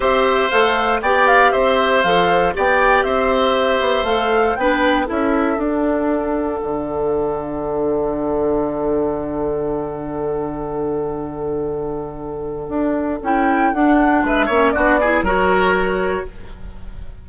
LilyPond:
<<
  \new Staff \with { instrumentName = "flute" } { \time 4/4 \tempo 4 = 118 e''4 f''4 g''8 f''8 e''4 | f''4 g''4 e''2 | f''4 g''4 e''4 fis''4~ | fis''1~ |
fis''1~ | fis''1~ | fis''2 g''4 fis''4 | e''4 d''4 cis''2 | }
  \new Staff \with { instrumentName = "oboe" } { \time 4/4 c''2 d''4 c''4~ | c''4 d''4 c''2~ | c''4 b'4 a'2~ | a'1~ |
a'1~ | a'1~ | a'1 | b'8 cis''8 fis'8 gis'8 ais'2 | }
  \new Staff \with { instrumentName = "clarinet" } { \time 4/4 g'4 a'4 g'2 | a'4 g'2. | a'4 d'4 e'4 d'4~ | d'1~ |
d'1~ | d'1~ | d'2 e'4 d'4~ | d'8 cis'8 d'8 e'8 fis'2 | }
  \new Staff \with { instrumentName = "bassoon" } { \time 4/4 c'4 a4 b4 c'4 | f4 b4 c'4. b8 | a4 b4 cis'4 d'4~ | d'4 d2.~ |
d1~ | d1~ | d4 d'4 cis'4 d'4 | gis8 ais8 b4 fis2 | }
>>